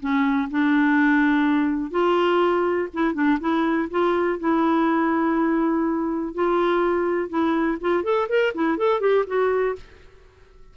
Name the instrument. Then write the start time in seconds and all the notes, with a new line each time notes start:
clarinet
0.00 C#4
0.50 D4
1.91 F4
2.94 E4
3.14 D4
3.40 E4
3.90 F4
4.39 E4
6.34 F4
7.29 E4
7.81 F4
8.04 A4
8.29 A#4
8.54 E4
8.78 A4
9.01 G4
9.27 F#4